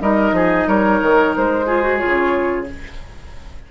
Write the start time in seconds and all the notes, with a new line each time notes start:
0.00 G3 D#4 A#4 D#5
0.32 F3 G#4
0.67 G3 A#4 C#5
1.01 D#3
1.36 G#3 C5
1.66 F4 G#4
1.82 F#4
1.97 F4 C#5
2.04 C#3